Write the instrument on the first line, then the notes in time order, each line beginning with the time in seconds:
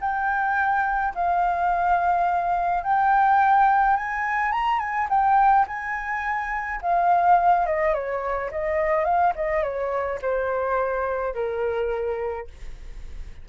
flute
0.00 G5
1.14 F5
2.83 G5
3.96 G#5
4.52 A#5
4.79 G#5
5.09 G5
5.67 G#5
6.81 F5
7.66 D#5
7.93 C#5
8.51 D#5
9.04 F5
9.35 D#5
9.62 C#5
10.21 C5
11.34 A#4